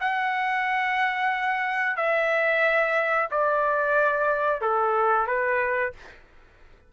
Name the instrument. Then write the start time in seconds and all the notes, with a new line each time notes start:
trumpet
0.00 F#5
1.97 E5
3.31 D5
4.62 A4
5.27 B4